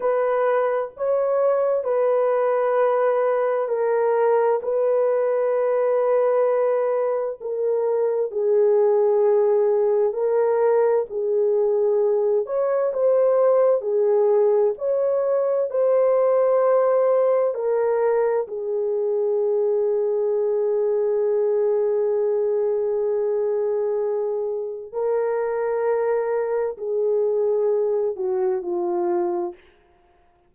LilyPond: \new Staff \with { instrumentName = "horn" } { \time 4/4 \tempo 4 = 65 b'4 cis''4 b'2 | ais'4 b'2. | ais'4 gis'2 ais'4 | gis'4. cis''8 c''4 gis'4 |
cis''4 c''2 ais'4 | gis'1~ | gis'2. ais'4~ | ais'4 gis'4. fis'8 f'4 | }